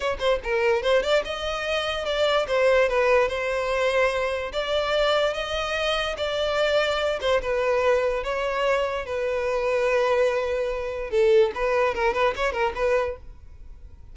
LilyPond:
\new Staff \with { instrumentName = "violin" } { \time 4/4 \tempo 4 = 146 cis''8 c''8 ais'4 c''8 d''8 dis''4~ | dis''4 d''4 c''4 b'4 | c''2. d''4~ | d''4 dis''2 d''4~ |
d''4. c''8 b'2 | cis''2 b'2~ | b'2. a'4 | b'4 ais'8 b'8 cis''8 ais'8 b'4 | }